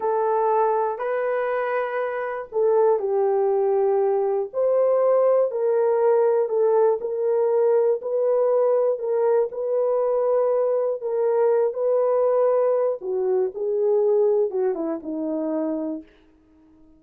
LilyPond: \new Staff \with { instrumentName = "horn" } { \time 4/4 \tempo 4 = 120 a'2 b'2~ | b'4 a'4 g'2~ | g'4 c''2 ais'4~ | ais'4 a'4 ais'2 |
b'2 ais'4 b'4~ | b'2 ais'4. b'8~ | b'2 fis'4 gis'4~ | gis'4 fis'8 e'8 dis'2 | }